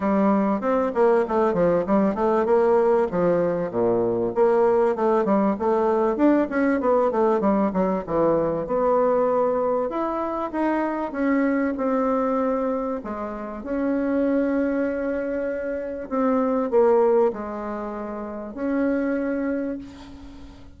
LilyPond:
\new Staff \with { instrumentName = "bassoon" } { \time 4/4 \tempo 4 = 97 g4 c'8 ais8 a8 f8 g8 a8 | ais4 f4 ais,4 ais4 | a8 g8 a4 d'8 cis'8 b8 a8 | g8 fis8 e4 b2 |
e'4 dis'4 cis'4 c'4~ | c'4 gis4 cis'2~ | cis'2 c'4 ais4 | gis2 cis'2 | }